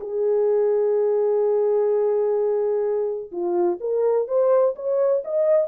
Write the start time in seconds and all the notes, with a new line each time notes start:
0.00 G#4
3.31 F4
3.80 A#4
4.27 C5
4.75 C#5
5.24 D#5